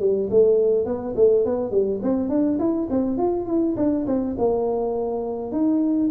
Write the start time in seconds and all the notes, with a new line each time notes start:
0.00 G3
0.30 A3
0.85 B3
1.16 A3
1.45 B3
1.71 G3
2.03 C4
2.29 D4
2.59 E4
2.90 C4
3.17 F4
3.47 E4
3.77 D4
4.07 C4
4.38 A#3
5.52 D#4